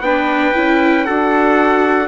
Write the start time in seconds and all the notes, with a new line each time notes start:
0.00 B3 D4 B4 G5
0.55 C#4 E4
1.05 D4 F#4 A4 F#5